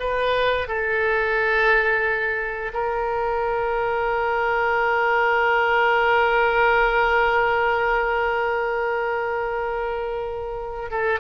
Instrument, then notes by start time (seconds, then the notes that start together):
oboe
0.00 B4
0.68 A4
2.73 A#4
10.91 A4